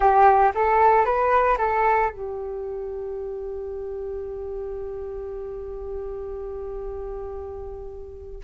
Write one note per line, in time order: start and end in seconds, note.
0.00 0.51 G4
0.55 1.05 A4
1.05 1.57 B4
1.58 2.10 A4
2.10 8.41 G4